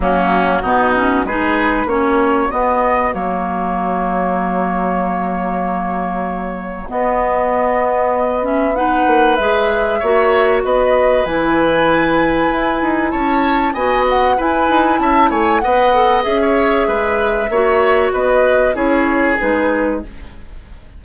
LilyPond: <<
  \new Staff \with { instrumentName = "flute" } { \time 4/4 \tempo 4 = 96 fis'2 b'4 cis''4 | dis''4 cis''2.~ | cis''2. dis''4~ | dis''4. e''8 fis''4 e''4~ |
e''4 dis''4 gis''2~ | gis''4 a''4 gis''8 fis''8 gis''4 | a''8 gis''8 fis''4 e''2~ | e''4 dis''4 cis''4 b'4 | }
  \new Staff \with { instrumentName = "oboe" } { \time 4/4 cis'4 dis'4 gis'4 fis'4~ | fis'1~ | fis'1~ | fis'2 b'2 |
cis''4 b'2.~ | b'4 cis''4 dis''4 b'4 | e''8 cis''8 dis''4~ dis''16 cis''8. b'4 | cis''4 b'4 gis'2 | }
  \new Staff \with { instrumentName = "clarinet" } { \time 4/4 ais4 b8 cis'8 dis'4 cis'4 | b4 ais2.~ | ais2. b4~ | b4. cis'8 dis'4 gis'4 |
fis'2 e'2~ | e'2 fis'4 e'4~ | e'4 b'8 a'8 gis'2 | fis'2 e'4 dis'4 | }
  \new Staff \with { instrumentName = "bassoon" } { \time 4/4 fis4 b,4 gis4 ais4 | b4 fis2.~ | fis2. b4~ | b2~ b8 ais8 gis4 |
ais4 b4 e2 | e'8 dis'8 cis'4 b4 e'8 dis'8 | cis'8 a8 b4 cis'4 gis4 | ais4 b4 cis'4 gis4 | }
>>